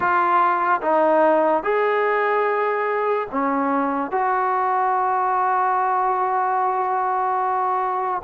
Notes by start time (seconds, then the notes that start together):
0.00 F4
0.81 D#4
1.63 G#4
3.31 C#4
4.11 F#4